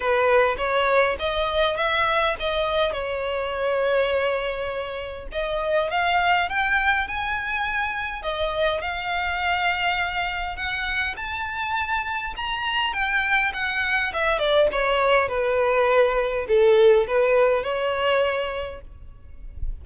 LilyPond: \new Staff \with { instrumentName = "violin" } { \time 4/4 \tempo 4 = 102 b'4 cis''4 dis''4 e''4 | dis''4 cis''2.~ | cis''4 dis''4 f''4 g''4 | gis''2 dis''4 f''4~ |
f''2 fis''4 a''4~ | a''4 ais''4 g''4 fis''4 | e''8 d''8 cis''4 b'2 | a'4 b'4 cis''2 | }